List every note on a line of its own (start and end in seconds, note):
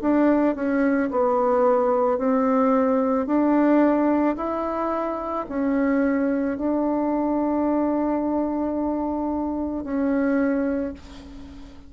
0.00 0.55 D4
0.55 1.09 C#4
1.11 2.18 B3
2.18 3.26 C4
3.26 4.35 D4
4.36 5.45 E4
5.48 6.57 C#4
6.57 9.84 D4
9.84 10.93 C#4